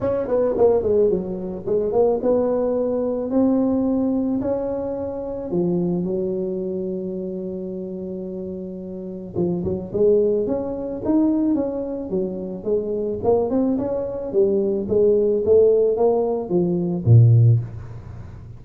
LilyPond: \new Staff \with { instrumentName = "tuba" } { \time 4/4 \tempo 4 = 109 cis'8 b8 ais8 gis8 fis4 gis8 ais8 | b2 c'2 | cis'2 f4 fis4~ | fis1~ |
fis4 f8 fis8 gis4 cis'4 | dis'4 cis'4 fis4 gis4 | ais8 c'8 cis'4 g4 gis4 | a4 ais4 f4 ais,4 | }